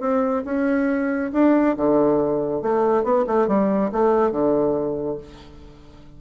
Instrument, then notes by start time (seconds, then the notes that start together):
bassoon
0.00 C4
0.45 C#4
1.33 D4
1.76 D3
2.62 A3
3.04 B3
3.26 A3
3.47 G3
3.92 A3
4.31 D3